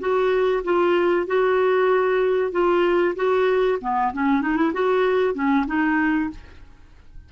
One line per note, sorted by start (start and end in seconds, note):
0.00 0.63 F#4
0.64 1.27 F4
1.27 2.51 F#4
2.51 3.15 F4
3.16 3.79 F#4
3.82 4.13 B3
4.13 4.42 C#4
4.42 4.56 D#4
4.56 4.72 E4
4.73 5.34 F#4
5.34 5.66 C#4
5.67 6.30 D#4